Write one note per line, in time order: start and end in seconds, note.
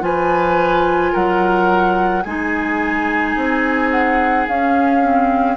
0.00 1.12 F3
0.00 2.22 F4
0.00 1.12 B4
0.00 1.14 G#5
1.12 2.25 F#3
1.12 2.23 A#4
1.12 2.22 F#5
2.22 3.36 G#3
2.22 4.49 D#4
2.22 5.56 G#4
2.22 3.89 G#5
3.36 4.47 C4
3.91 4.47 F#5
4.47 5.56 C#4
4.47 5.02 C#4
4.47 5.56 F5
5.02 5.56 C4